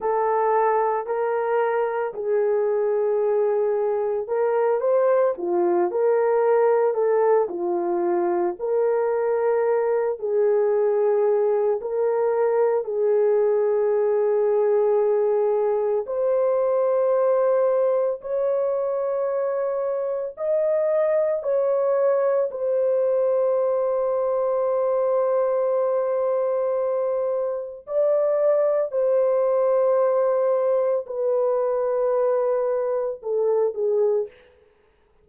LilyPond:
\new Staff \with { instrumentName = "horn" } { \time 4/4 \tempo 4 = 56 a'4 ais'4 gis'2 | ais'8 c''8 f'8 ais'4 a'8 f'4 | ais'4. gis'4. ais'4 | gis'2. c''4~ |
c''4 cis''2 dis''4 | cis''4 c''2.~ | c''2 d''4 c''4~ | c''4 b'2 a'8 gis'8 | }